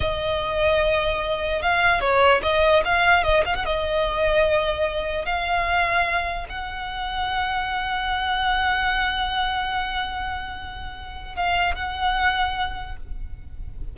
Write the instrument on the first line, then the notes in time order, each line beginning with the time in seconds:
violin
0.00 D#5
1.62 F5
2.00 C#5
2.42 D#5
2.84 F5
3.23 D#5
3.45 F5
3.55 F#5
3.65 D#5
5.25 F5
6.49 F#5
11.35 F5
11.74 F#5